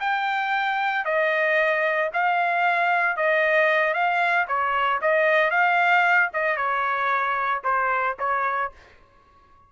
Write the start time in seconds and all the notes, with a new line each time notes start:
0.00 G5
1.05 D#5
2.13 F5
3.17 D#5
3.94 F5
4.48 C#5
5.01 D#5
5.51 F5
6.33 D#5
6.57 C#5
7.64 C5
8.19 C#5